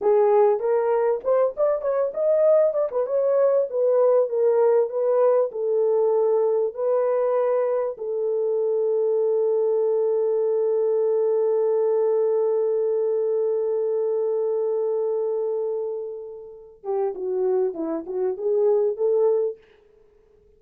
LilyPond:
\new Staff \with { instrumentName = "horn" } { \time 4/4 \tempo 4 = 98 gis'4 ais'4 c''8 d''8 cis''8 dis''8~ | dis''8 d''16 b'16 cis''4 b'4 ais'4 | b'4 a'2 b'4~ | b'4 a'2.~ |
a'1~ | a'1~ | a'2.~ a'8 g'8 | fis'4 e'8 fis'8 gis'4 a'4 | }